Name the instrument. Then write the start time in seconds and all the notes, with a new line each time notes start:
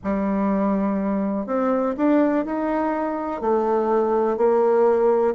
bassoon
0.03 G3
1.46 C4
1.97 D4
2.45 D#4
3.41 A3
4.37 A#3